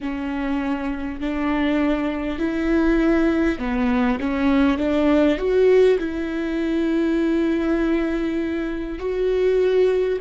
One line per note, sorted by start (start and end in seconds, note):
0.01 1.20 C#4
1.20 2.38 D4
2.38 3.58 E4
3.58 4.18 B3
4.20 4.78 C#4
4.78 5.37 D4
5.37 5.97 F#4
5.98 8.98 E4
8.98 10.18 F#4